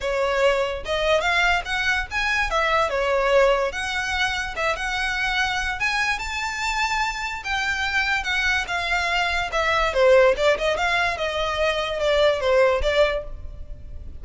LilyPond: \new Staff \with { instrumentName = "violin" } { \time 4/4 \tempo 4 = 145 cis''2 dis''4 f''4 | fis''4 gis''4 e''4 cis''4~ | cis''4 fis''2 e''8 fis''8~ | fis''2 gis''4 a''4~ |
a''2 g''2 | fis''4 f''2 e''4 | c''4 d''8 dis''8 f''4 dis''4~ | dis''4 d''4 c''4 d''4 | }